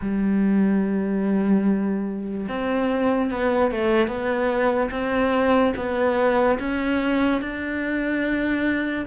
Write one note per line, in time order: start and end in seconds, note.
0.01 2.47 G3
2.48 3.30 C4
3.31 3.71 B3
3.71 4.07 A3
4.07 4.89 B3
4.91 5.73 C4
5.76 6.58 B3
6.59 7.41 C#4
7.41 9.05 D4